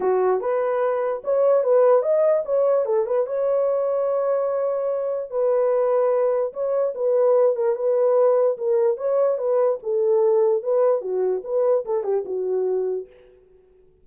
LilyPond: \new Staff \with { instrumentName = "horn" } { \time 4/4 \tempo 4 = 147 fis'4 b'2 cis''4 | b'4 dis''4 cis''4 a'8 b'8 | cis''1~ | cis''4 b'2. |
cis''4 b'4. ais'8 b'4~ | b'4 ais'4 cis''4 b'4 | a'2 b'4 fis'4 | b'4 a'8 g'8 fis'2 | }